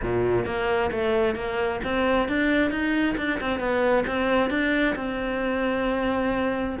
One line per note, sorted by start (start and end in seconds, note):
0.02 0.45 A#2
0.45 0.90 A#3
0.91 1.35 A3
1.35 1.80 A#3
1.84 2.28 C4
2.28 2.70 D4
2.70 3.15 D#4
3.17 3.39 D4
3.40 3.59 C4
3.59 4.04 B3
4.06 4.50 C4
4.50 4.95 D4
4.95 6.76 C4